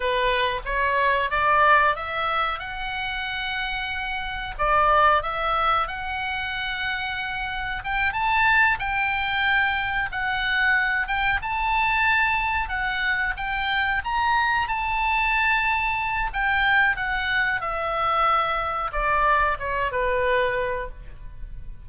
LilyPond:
\new Staff \with { instrumentName = "oboe" } { \time 4/4 \tempo 4 = 92 b'4 cis''4 d''4 e''4 | fis''2. d''4 | e''4 fis''2. | g''8 a''4 g''2 fis''8~ |
fis''4 g''8 a''2 fis''8~ | fis''8 g''4 ais''4 a''4.~ | a''4 g''4 fis''4 e''4~ | e''4 d''4 cis''8 b'4. | }